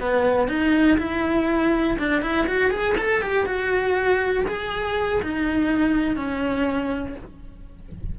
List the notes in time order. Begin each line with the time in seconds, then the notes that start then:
0.00 B3
0.48 D#4
0.98 E4
1.98 D4
2.22 E4
2.47 F#4
2.71 G#4
2.98 A4
3.22 G4
3.46 F#4
4.47 G#4
5.22 D#4
6.16 C#4